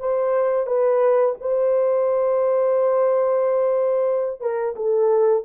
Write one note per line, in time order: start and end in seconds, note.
0.00 0.67 C5
0.67 1.35 B4
1.41 4.41 C5
4.41 4.75 A#4
4.76 5.44 A4